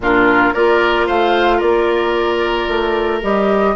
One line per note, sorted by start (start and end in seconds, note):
0.00 0.52 A#2
0.00 0.55 D4
0.00 0.53 F4
0.00 0.53 A#4
0.53 1.08 A#3
0.53 3.22 F4
0.53 1.06 A#4
0.53 1.07 D5
1.06 1.61 A3
1.06 1.57 C5
1.06 1.59 F5
1.57 2.68 A#3
1.57 3.71 A#4
1.57 3.20 D5
2.68 3.21 A3
3.22 3.75 G3
3.22 3.75 G4
3.22 3.75 D#5